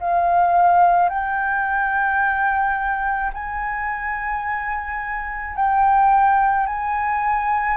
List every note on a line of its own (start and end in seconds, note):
0.00 1.09 F5
1.09 3.31 G5
3.34 5.56 G#5
5.56 6.66 G5
6.66 7.77 G#5